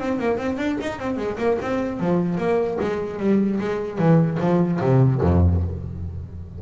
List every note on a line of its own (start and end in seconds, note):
0.00 0.20 C4
0.20 0.38 A#3
0.38 0.58 C4
0.58 0.78 D4
0.82 0.99 D#4
0.99 1.18 C4
1.18 1.38 G#3
1.38 1.58 A#3
1.62 2.00 C4
2.00 2.38 F3
2.38 2.78 A#3
2.81 3.20 G#3
3.20 3.60 G3
3.61 3.99 G#3
3.99 4.39 E3
4.40 4.80 F3
4.81 5.21 C3
5.21 5.61 F2